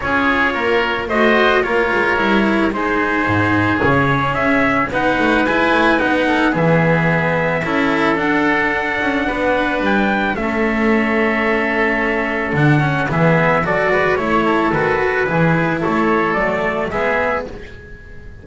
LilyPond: <<
  \new Staff \with { instrumentName = "trumpet" } { \time 4/4 \tempo 4 = 110 cis''2 dis''4 cis''4~ | cis''4 c''2 cis''4 | e''4 fis''4 gis''4 fis''4 | e''2. fis''4~ |
fis''2 g''4 e''4~ | e''2. fis''4 | e''4 d''4 cis''4 b'4~ | b'4 cis''4 d''4 e''4 | }
  \new Staff \with { instrumentName = "oboe" } { \time 4/4 gis'4 ais'4 c''4 ais'4~ | ais'4 gis'2.~ | gis'4 b'2~ b'8 a'8 | gis'2 a'2~ |
a'4 b'2 a'4~ | a'1 | gis'4 a'8 b'8 cis''8 a'4. | gis'4 a'2 gis'4 | }
  \new Staff \with { instrumentName = "cello" } { \time 4/4 f'2 fis'4 f'4 | e'4 dis'2 cis'4~ | cis'4 dis'4 e'4 dis'4 | b2 e'4 d'4~ |
d'2. cis'4~ | cis'2. d'8 cis'8 | b4 fis'4 e'4 fis'4 | e'2 a4 b4 | }
  \new Staff \with { instrumentName = "double bass" } { \time 4/4 cis'4 ais4 a4 ais8 gis8 | g4 gis4 gis,4 cis4 | cis'4 b8 a8 gis8 a8 b4 | e2 cis'4 d'4~ |
d'8 cis'8 b4 g4 a4~ | a2. d4 | e4 fis8 gis8 a4 dis4 | e4 a4 fis4 gis4 | }
>>